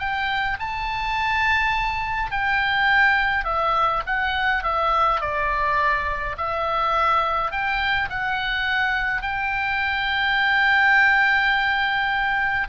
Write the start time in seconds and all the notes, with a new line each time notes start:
0.00 G5
0.60 A5
2.31 G5
3.45 E5
4.06 F#5
4.64 E5
5.21 D5
6.38 E5
7.52 G5
8.10 F#5
9.22 G5